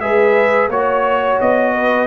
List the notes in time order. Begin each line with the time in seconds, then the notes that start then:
0.00 G#3 G#4 B4 E5
0.69 A#3 F#4 C#5
1.41 B3 D#5
1.75 B4